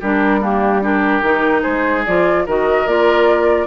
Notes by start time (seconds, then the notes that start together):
0.00 G3 D4 G4 A#4
0.40 A#3 D4 G4
0.81 D4 G4 A#4
1.22 D#3 D#4
1.61 G#3 G#4 C5
2.05 F3 F4 D5
2.45 D#3 F#4 A#4 D#5
2.86 A#3 F4 D5